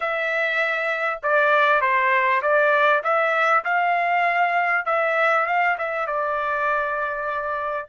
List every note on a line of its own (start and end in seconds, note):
0.00 1.20 E5
1.23 1.81 D5
1.81 2.41 C5
2.42 3.02 D5
3.03 3.64 E5
3.64 4.85 F5
4.85 5.46 E5
5.46 5.76 F5
5.78 6.07 E5
6.07 7.88 D5